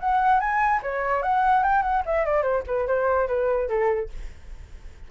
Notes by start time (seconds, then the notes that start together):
0.00 F#5
0.40 G#5
0.83 C#5
1.23 F#5
1.64 G5
1.83 F#5
2.06 E5
2.25 D5
2.43 C5
2.67 B4
2.87 C5
3.28 B4
3.69 A4